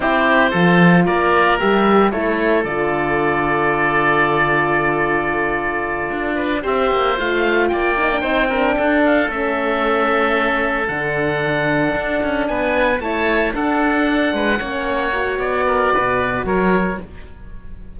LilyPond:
<<
  \new Staff \with { instrumentName = "oboe" } { \time 4/4 \tempo 4 = 113 c''2 d''4 e''4 | cis''4 d''2.~ | d''1~ | d''8 e''4 f''4 g''4.~ |
g''4 f''8 e''2~ e''8~ | e''8 fis''2. gis''8~ | gis''8 a''4 fis''2~ fis''8~ | fis''4 d''2 cis''4 | }
  \new Staff \with { instrumentName = "oboe" } { \time 4/4 g'4 a'4 ais'2 | a'1~ | a'1 | b'8 c''2 d''4 c''8 |
ais'8 a'2.~ a'8~ | a'2.~ a'8 b'8~ | b'8 cis''4 a'4. b'8 cis''8~ | cis''4. ais'8 b'4 ais'4 | }
  \new Staff \with { instrumentName = "horn" } { \time 4/4 e'4 f'2 g'4 | e'4 f'2.~ | f'1~ | f'8 g'4 f'4. dis'16 d'16 dis'8 |
d'4. cis'2~ cis'8~ | cis'8 d'2.~ d'8~ | d'8 e'4 d'2 cis'8~ | cis'8 fis'2.~ fis'8 | }
  \new Staff \with { instrumentName = "cello" } { \time 4/4 c'4 f4 ais4 g4 | a4 d2.~ | d2.~ d8 d'8~ | d'8 c'8 ais8 a4 ais4 c'8~ |
c'8 d'4 a2~ a8~ | a8 d2 d'8 cis'8 b8~ | b8 a4 d'4. gis8 ais8~ | ais4 b4 b,4 fis4 | }
>>